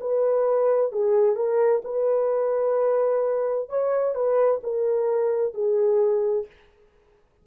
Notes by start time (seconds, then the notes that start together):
0.00 B4
0.92 G#4
1.36 A#4
1.85 B4
3.69 C#5
4.15 B4
4.63 A#4
5.54 G#4